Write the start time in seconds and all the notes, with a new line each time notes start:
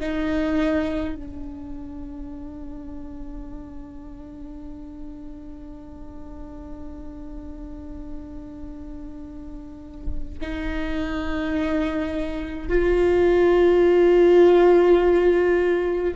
0.00 D#4
1.15 D4
10.41 D#4
12.68 F4